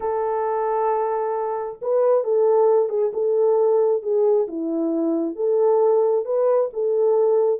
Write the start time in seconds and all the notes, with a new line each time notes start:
0.00 A4
1.81 B4
2.24 A4
2.89 G#4
3.13 A4
4.02 G#4
4.47 E4
5.35 A4
6.25 B4
6.73 A4